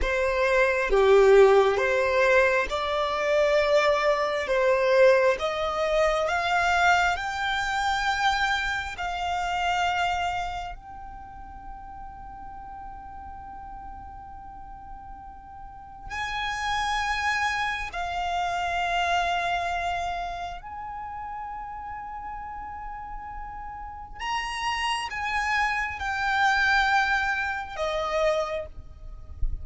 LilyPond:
\new Staff \with { instrumentName = "violin" } { \time 4/4 \tempo 4 = 67 c''4 g'4 c''4 d''4~ | d''4 c''4 dis''4 f''4 | g''2 f''2 | g''1~ |
g''2 gis''2 | f''2. gis''4~ | gis''2. ais''4 | gis''4 g''2 dis''4 | }